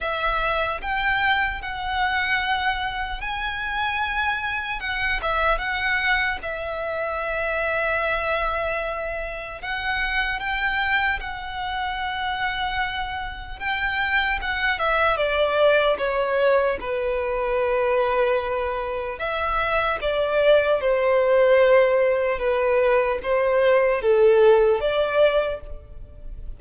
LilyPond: \new Staff \with { instrumentName = "violin" } { \time 4/4 \tempo 4 = 75 e''4 g''4 fis''2 | gis''2 fis''8 e''8 fis''4 | e''1 | fis''4 g''4 fis''2~ |
fis''4 g''4 fis''8 e''8 d''4 | cis''4 b'2. | e''4 d''4 c''2 | b'4 c''4 a'4 d''4 | }